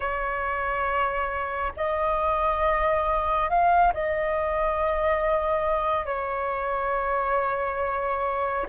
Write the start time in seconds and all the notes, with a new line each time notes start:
0.00 C#5
1.76 D#5
3.49 F5
3.93 D#5
6.05 C#5